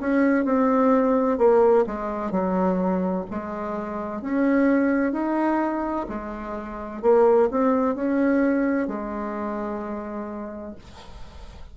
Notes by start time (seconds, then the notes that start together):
0.00 C#4
0.45 C4
1.38 A#3
1.87 G#3
2.31 F#3
3.30 G#3
4.22 C#4
5.12 D#4
6.09 G#3
7.02 A#3
7.51 C4
7.95 C#4
8.88 G#3